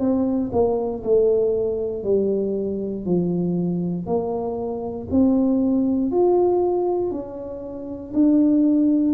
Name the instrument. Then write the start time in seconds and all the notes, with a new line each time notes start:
tuba
0.00 C4
0.52 A#3
1.04 A3
2.04 G3
3.06 F3
4.07 A#3
5.11 C4
6.12 F4
7.11 C#4
8.14 D4